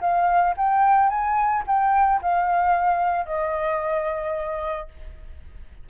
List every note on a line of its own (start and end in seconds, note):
0.00 0.54 F5
0.57 1.09 G5
1.09 1.63 G#5
1.67 2.21 G5
2.21 3.25 F5
3.25 4.87 D#5